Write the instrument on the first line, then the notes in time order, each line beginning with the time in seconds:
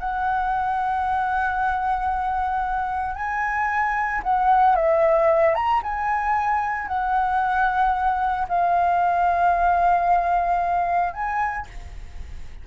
flute
0.00 F#5
3.16 G#5
4.24 F#5
4.76 E5
5.55 A#5
5.83 G#5
6.88 F#5
8.49 F5
11.14 G#5